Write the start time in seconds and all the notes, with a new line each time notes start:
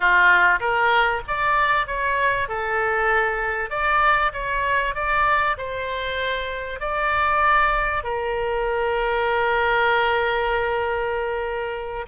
0.00 F4
0.60 A#4
1.27 D5
1.86 C#5
2.48 A4
3.70 D5
4.32 C#5
4.95 D5
5.57 C5
6.80 D5
8.03 A#4